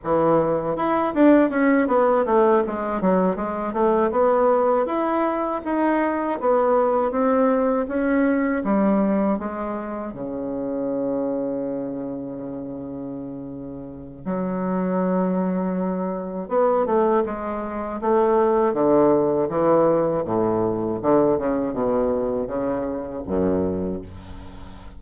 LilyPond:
\new Staff \with { instrumentName = "bassoon" } { \time 4/4 \tempo 4 = 80 e4 e'8 d'8 cis'8 b8 a8 gis8 | fis8 gis8 a8 b4 e'4 dis'8~ | dis'8 b4 c'4 cis'4 g8~ | g8 gis4 cis2~ cis8~ |
cis2. fis4~ | fis2 b8 a8 gis4 | a4 d4 e4 a,4 | d8 cis8 b,4 cis4 fis,4 | }